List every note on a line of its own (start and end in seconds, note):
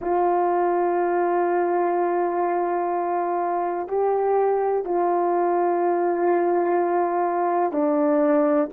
0.00 3.88 F4
3.88 4.84 G4
4.84 7.72 F4
7.72 8.68 D4